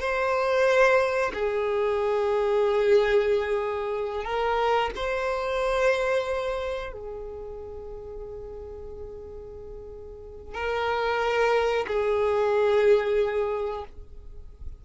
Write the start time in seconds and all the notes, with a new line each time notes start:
0.00 C5
1.33 G#4
4.24 A#4
4.96 C5
6.93 G#4
10.54 A#4
11.87 G#4